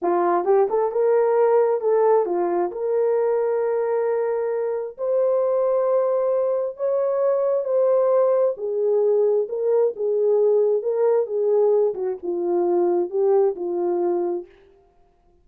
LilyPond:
\new Staff \with { instrumentName = "horn" } { \time 4/4 \tempo 4 = 133 f'4 g'8 a'8 ais'2 | a'4 f'4 ais'2~ | ais'2. c''4~ | c''2. cis''4~ |
cis''4 c''2 gis'4~ | gis'4 ais'4 gis'2 | ais'4 gis'4. fis'8 f'4~ | f'4 g'4 f'2 | }